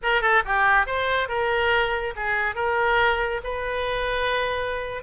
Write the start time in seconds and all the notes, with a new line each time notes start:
0.03 A#4
0.21 A4
0.45 G4
0.86 C5
1.28 A#4
2.16 G#4
2.55 A#4
3.43 B4